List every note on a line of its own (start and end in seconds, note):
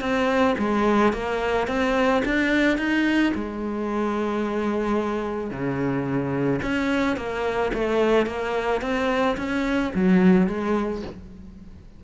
0.00 0.55 C4
0.58 1.13 G#3
1.13 1.67 A#3
1.67 2.22 C4
2.24 2.77 D4
2.77 3.32 D#4
3.34 5.50 G#3
5.50 6.60 C#3
6.62 7.16 C#4
7.16 7.71 A#3
7.74 8.26 A3
8.26 8.81 A#3
8.81 9.36 C4
9.37 9.92 C#4
9.94 10.47 F#3
10.47 11.02 G#3